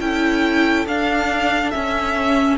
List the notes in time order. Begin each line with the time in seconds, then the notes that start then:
0.00 C#4 E4 A4 G5
0.86 D4 F5
1.70 C#4 E5